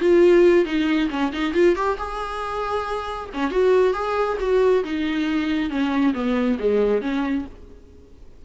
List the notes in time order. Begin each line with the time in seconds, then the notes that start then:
0.00 F4
0.65 D#4
1.10 C#4
1.32 D#4
1.54 F4
1.76 G4
1.98 G#4
3.34 C#4
3.51 F#4
3.94 G#4
4.40 F#4
4.84 D#4
5.70 C#4
6.14 B3
6.60 G#3
7.02 C#4